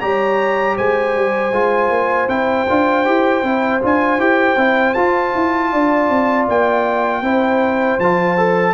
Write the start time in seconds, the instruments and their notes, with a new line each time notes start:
0.00 tuba G3, trombone G4, horn C#5, trumpet A#5
0.76 tuba G#3, horn C5, trumpet G#5
1.15 tuba G3
1.51 tuba G#3, trombone F4
1.89 tuba A#3
2.28 tuba C4, trombone E4, trumpet G5
2.69 tuba D4, trombone F4
3.05 tuba E4, trombone G4
3.42 tuba C4, trombone E4
3.81 tuba D4, trombone F4, trumpet G#5
4.18 tuba E4, trombone G4, trumpet G5
4.56 tuba C4, trombone E4
4.94 tuba F4, trombone F4, trumpet A5
5.35 tuba E4
5.72 tuba D4, horn D5
6.09 tuba C4
6.48 tuba A#3, trumpet G5
7.21 tuba C4, trombone E4, horn C5
7.98 tuba F3, trombone F4, trumpet A5
8.37 trombone A4